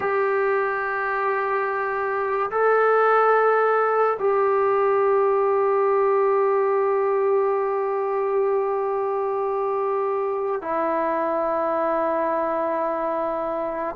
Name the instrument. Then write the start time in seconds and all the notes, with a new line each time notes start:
trombone
0.00 G4
2.50 A4
4.19 G4
10.61 E4